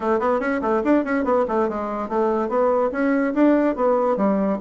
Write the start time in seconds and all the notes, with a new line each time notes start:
0.00 A3
0.19 B3
0.40 C#4
0.61 A3
0.84 D4
1.04 C#4
1.24 B3
1.48 A3
1.69 G#3
2.08 A3
2.48 B3
2.91 C#4
3.34 D4
3.75 B3
4.16 G3